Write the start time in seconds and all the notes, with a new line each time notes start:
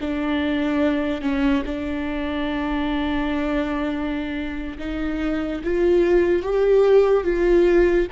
0.00 D4
1.21 C#4
1.65 D4
4.78 D#4
5.63 F4
6.42 G4
7.23 F4